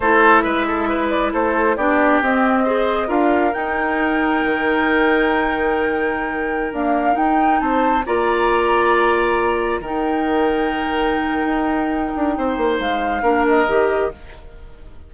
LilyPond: <<
  \new Staff \with { instrumentName = "flute" } { \time 4/4 \tempo 4 = 136 c''4 e''4. d''8 c''4 | d''4 dis''2 f''4 | g''1~ | g''2.~ g''16 f''8.~ |
f''16 g''4 a''4 ais''4.~ ais''16~ | ais''2~ ais''16 g''4.~ g''16~ | g''1~ | g''4 f''4. dis''4. | }
  \new Staff \with { instrumentName = "oboe" } { \time 4/4 a'4 b'8 a'8 b'4 a'4 | g'2 c''4 ais'4~ | ais'1~ | ais'1~ |
ais'4~ ais'16 c''4 d''4.~ d''16~ | d''2~ d''16 ais'4.~ ais'16~ | ais'1 | c''2 ais'2 | }
  \new Staff \with { instrumentName = "clarinet" } { \time 4/4 e'1 | d'4 c'4 gis'4 f'4 | dis'1~ | dis'2.~ dis'16 ais8.~ |
ais16 dis'2 f'4.~ f'16~ | f'2~ f'16 dis'4.~ dis'16~ | dis'1~ | dis'2 d'4 g'4 | }
  \new Staff \with { instrumentName = "bassoon" } { \time 4/4 a4 gis2 a4 | b4 c'2 d'4 | dis'2 dis2~ | dis2.~ dis16 d'8.~ |
d'16 dis'4 c'4 ais4.~ ais16~ | ais2~ ais16 dis4.~ dis16~ | dis2 dis'4. d'8 | c'8 ais8 gis4 ais4 dis4 | }
>>